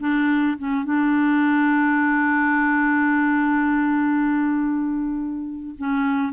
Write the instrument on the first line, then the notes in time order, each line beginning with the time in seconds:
clarinet
0.00 D4
0.58 C#4
0.85 D4
5.78 C#4